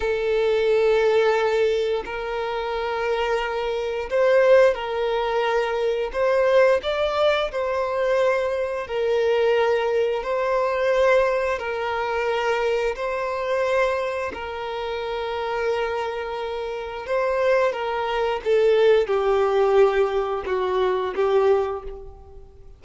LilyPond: \new Staff \with { instrumentName = "violin" } { \time 4/4 \tempo 4 = 88 a'2. ais'4~ | ais'2 c''4 ais'4~ | ais'4 c''4 d''4 c''4~ | c''4 ais'2 c''4~ |
c''4 ais'2 c''4~ | c''4 ais'2.~ | ais'4 c''4 ais'4 a'4 | g'2 fis'4 g'4 | }